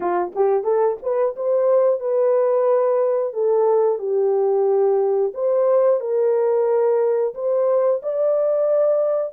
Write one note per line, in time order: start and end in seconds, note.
0.00 0.32 F4
0.35 0.63 G4
0.63 0.97 A4
1.02 1.35 B4
1.35 2.00 C5
2.00 3.33 B4
3.33 3.98 A4
3.98 5.32 G4
5.33 6.00 C5
6.00 7.33 A#4
7.34 8.01 C5
8.02 9.32 D5